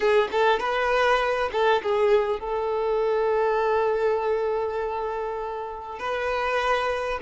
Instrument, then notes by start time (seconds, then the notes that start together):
violin
0.00 G#4
0.31 A4
0.59 B4
1.52 A4
1.82 G#4
2.39 A4
5.99 B4